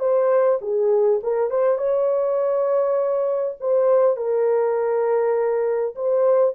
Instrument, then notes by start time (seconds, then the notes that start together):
horn
0.00 C5
0.62 G#4
1.23 A#4
1.50 C5
1.78 C#5
3.60 C5
4.17 A#4
5.95 C5